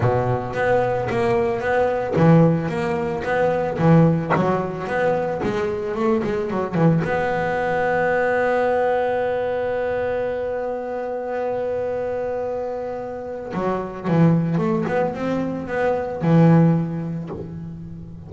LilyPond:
\new Staff \with { instrumentName = "double bass" } { \time 4/4 \tempo 4 = 111 b,4 b4 ais4 b4 | e4 ais4 b4 e4 | fis4 b4 gis4 a8 gis8 | fis8 e8 b2.~ |
b1~ | b1~ | b4 fis4 e4 a8 b8 | c'4 b4 e2 | }